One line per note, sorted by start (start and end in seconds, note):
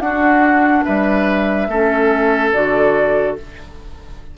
0.00 0.83 D4
0.00 1.70 D4
0.00 0.85 F#4
0.00 0.84 F#5
0.85 1.68 G3
0.85 1.68 B4
0.85 2.52 E5
1.68 2.51 A3
1.68 2.54 C#4
1.68 3.37 A4
2.53 3.38 D3
2.53 3.37 F#4
2.53 3.36 D5